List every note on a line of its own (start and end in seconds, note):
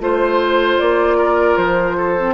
0.00 0.79 A3
0.00 2.18 F4
0.00 1.18 C5
0.00 0.79 C5
0.79 1.57 A#3
0.79 1.58 D5
1.18 1.97 A#4
1.57 2.35 F3
1.57 2.35 C5
1.97 2.35 A4
2.18 2.35 C4